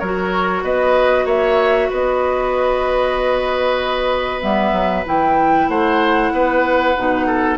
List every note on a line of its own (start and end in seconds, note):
0.00 0.63 F#3
0.00 4.42 F#4
0.00 0.63 A#4
0.00 0.63 C#5
0.63 1.26 B3
0.63 1.26 B4
0.63 1.27 D#5
1.26 1.89 A#3
1.26 1.89 C#5
1.26 1.91 E5
1.90 4.43 B3
1.90 5.69 B4
1.90 4.42 D#5
4.42 4.73 G3
4.42 5.05 B3
4.42 5.05 E5
4.73 5.04 F#3
5.06 5.69 E3
5.06 6.95 E4
5.06 5.69 G5
5.69 6.32 A3
5.69 6.33 C5
5.69 7.58 F#5
6.32 6.95 B3
6.32 7.27 B4
6.97 7.58 B2
6.97 7.58 D#4
7.27 7.58 A4